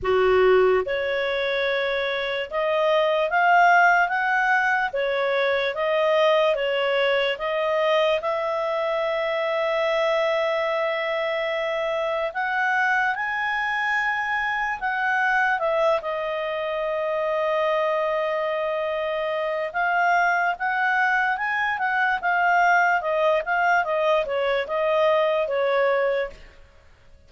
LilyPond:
\new Staff \with { instrumentName = "clarinet" } { \time 4/4 \tempo 4 = 73 fis'4 cis''2 dis''4 | f''4 fis''4 cis''4 dis''4 | cis''4 dis''4 e''2~ | e''2. fis''4 |
gis''2 fis''4 e''8 dis''8~ | dis''1 | f''4 fis''4 gis''8 fis''8 f''4 | dis''8 f''8 dis''8 cis''8 dis''4 cis''4 | }